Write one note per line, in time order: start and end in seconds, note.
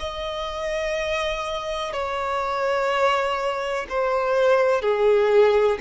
0.00 1.93 D#5
1.93 3.87 C#5
3.89 4.82 C5
4.82 5.79 G#4